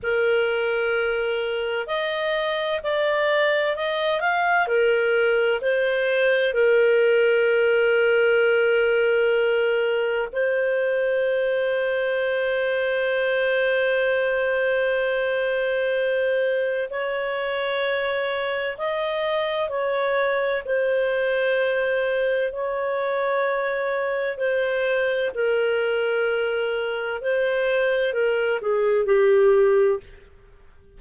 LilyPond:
\new Staff \with { instrumentName = "clarinet" } { \time 4/4 \tempo 4 = 64 ais'2 dis''4 d''4 | dis''8 f''8 ais'4 c''4 ais'4~ | ais'2. c''4~ | c''1~ |
c''2 cis''2 | dis''4 cis''4 c''2 | cis''2 c''4 ais'4~ | ais'4 c''4 ais'8 gis'8 g'4 | }